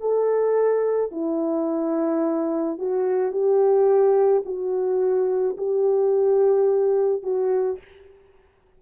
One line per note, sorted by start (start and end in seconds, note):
0.00 1.11 A4
1.12 2.78 E4
2.78 3.32 F#4
3.32 4.43 G4
4.45 5.57 F#4
5.57 7.22 G4
7.22 7.78 F#4